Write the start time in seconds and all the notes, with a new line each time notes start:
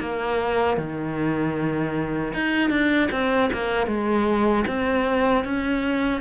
0.00 A#3
0.78 D#3
2.34 D#4
2.70 D4
3.12 C4
3.53 A#3
3.87 G#3
4.68 C4
5.45 C#4